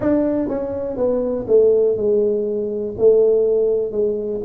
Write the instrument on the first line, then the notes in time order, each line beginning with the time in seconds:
tuba
0.00 D4
0.48 C#4
0.97 B3
1.48 A3
1.96 G#3
2.98 A3
3.91 G#3